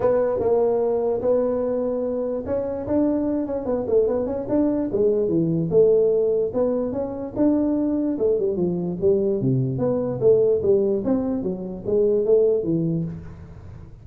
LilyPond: \new Staff \with { instrumentName = "tuba" } { \time 4/4 \tempo 4 = 147 b4 ais2 b4~ | b2 cis'4 d'4~ | d'8 cis'8 b8 a8 b8 cis'8 d'4 | gis4 e4 a2 |
b4 cis'4 d'2 | a8 g8 f4 g4 c4 | b4 a4 g4 c'4 | fis4 gis4 a4 e4 | }